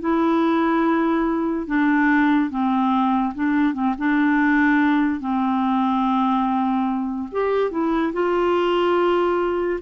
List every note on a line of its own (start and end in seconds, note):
0.00 1.67 E4
1.67 2.50 D4
2.50 3.33 C4
3.34 3.73 D4
3.73 3.94 C4
3.98 5.20 D4
5.20 7.29 C4
7.32 7.71 G4
7.71 8.13 E4
8.13 9.80 F4